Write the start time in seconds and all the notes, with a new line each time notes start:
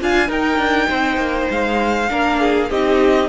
0.00 D4 F4 F5 G#5
0.28 D#4 A#4 G5
0.58 D4
0.90 C4 C5
1.17 A#3
1.50 G#3 F5
2.09 A#3 D4 A#4
2.40 G#4
2.70 C4 D#4 G4 D#5